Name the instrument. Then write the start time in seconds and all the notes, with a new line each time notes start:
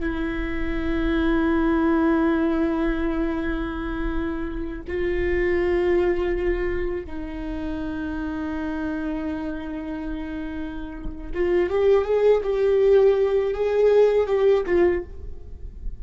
viola
0.00 E4
4.88 F4
7.06 D#4
11.34 F4
11.70 G4
12.04 G#4
12.43 G4
13.54 G#4
14.27 G4
14.66 F4